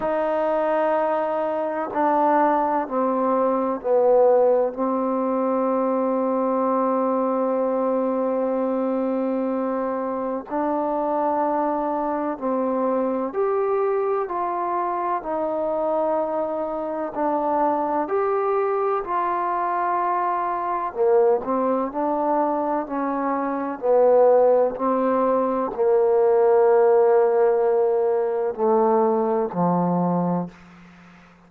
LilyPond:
\new Staff \with { instrumentName = "trombone" } { \time 4/4 \tempo 4 = 63 dis'2 d'4 c'4 | b4 c'2.~ | c'2. d'4~ | d'4 c'4 g'4 f'4 |
dis'2 d'4 g'4 | f'2 ais8 c'8 d'4 | cis'4 b4 c'4 ais4~ | ais2 a4 f4 | }